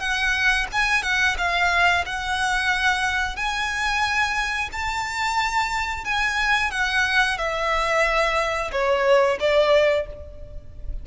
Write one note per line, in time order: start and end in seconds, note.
0.00 0.67 F#5
0.72 1.03 G#5
1.03 1.36 F#5
1.38 2.05 F5
2.06 3.36 F#5
3.36 4.70 G#5
4.72 6.05 A5
6.05 6.71 G#5
6.71 7.38 F#5
7.38 8.71 E5
8.72 9.38 C#5
9.40 10.07 D5